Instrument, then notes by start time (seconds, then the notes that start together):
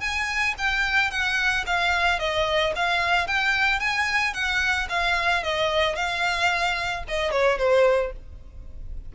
violin
0.00 G#5
0.57 G5
1.10 F#5
1.66 F5
2.19 D#5
2.75 F5
3.27 G5
3.79 G#5
4.33 F#5
4.89 F5
5.43 D#5
5.95 F5
7.08 D#5
7.31 C#5
7.58 C5